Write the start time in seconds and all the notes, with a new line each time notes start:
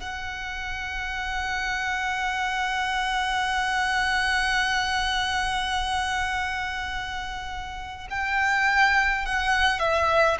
0.00 F#5
8.10 G5
9.26 F#5
9.79 E5